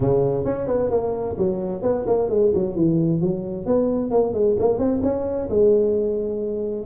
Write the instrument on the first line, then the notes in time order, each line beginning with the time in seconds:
tuba
0.00 C#3
0.45 C#4
0.67 B3
0.90 A#3
1.38 F#3
1.82 B3
2.07 A#3
2.29 G#3
2.54 F#3
2.75 E3
3.21 F#3
3.66 B3
4.10 A#3
4.33 G#3
4.59 A#3
4.78 C4
5.03 C#4
5.49 G#3